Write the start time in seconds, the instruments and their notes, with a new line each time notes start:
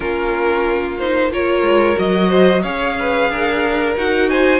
0.00 cello A#3, viola C#4, violin F4 A#4
0.98 viola D#4, violin C5
1.31 viola F4, violin A#4 C#5
1.62 cello G#3
1.95 cello F#3, viola F#4, violin D#5
2.28 violin C5
2.62 cello C#4, viola G#4, violin C#5 F5
2.99 violin B4
3.29 cello D4, violin A#4
3.97 cello D#4, viola F#4, violin F#5
4.29 violin C5 G#5